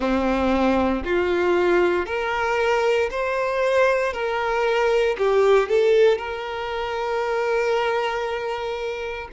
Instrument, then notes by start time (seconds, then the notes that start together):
violin
0.00 C4
1.04 F4
2.05 A#4
3.10 C5
4.13 A#4
5.17 G4
5.68 A4
6.17 A#4